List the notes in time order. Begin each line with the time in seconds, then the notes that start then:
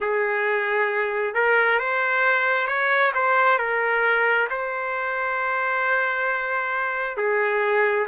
0.00 G#4
1.34 A#4
1.79 C5
2.67 C#5
3.14 C5
3.58 A#4
4.49 C5
7.17 G#4